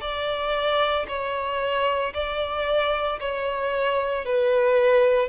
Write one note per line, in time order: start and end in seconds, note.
0.00 1.05 D5
1.08 2.13 C#5
2.13 3.19 D5
3.20 4.25 C#5
4.25 5.28 B4